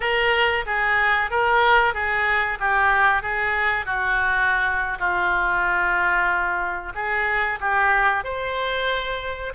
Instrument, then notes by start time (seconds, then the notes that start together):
oboe
0.00 A#4
0.66 G#4
1.30 A#4
1.94 G#4
2.59 G4
3.22 G#4
3.85 F#4
4.99 F4
6.94 G#4
7.60 G4
8.24 C5